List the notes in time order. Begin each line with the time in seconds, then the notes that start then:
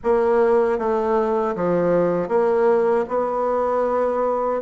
0.03 A#3
0.78 A3
1.55 F3
2.28 A#3
3.08 B3